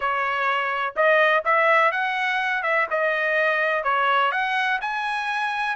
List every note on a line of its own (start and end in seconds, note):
0.00 0.94 C#5
0.95 1.43 D#5
1.44 1.91 E5
1.91 2.62 F#5
2.62 2.86 E5
2.90 3.83 D#5
3.83 4.31 C#5
4.31 4.79 F#5
4.81 5.76 G#5